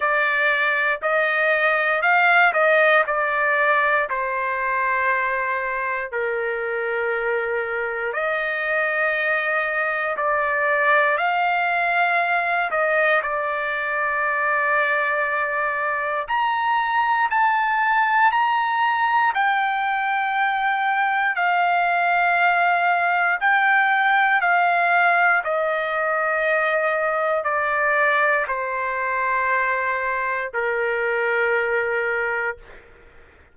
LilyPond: \new Staff \with { instrumentName = "trumpet" } { \time 4/4 \tempo 4 = 59 d''4 dis''4 f''8 dis''8 d''4 | c''2 ais'2 | dis''2 d''4 f''4~ | f''8 dis''8 d''2. |
ais''4 a''4 ais''4 g''4~ | g''4 f''2 g''4 | f''4 dis''2 d''4 | c''2 ais'2 | }